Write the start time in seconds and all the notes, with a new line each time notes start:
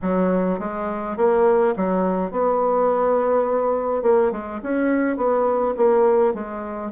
0.02 F#3
0.59 G#3
1.16 A#3
1.76 F#3
2.31 B3
4.02 A#3
4.31 G#3
4.62 C#4
5.16 B3
5.76 A#3
6.34 G#3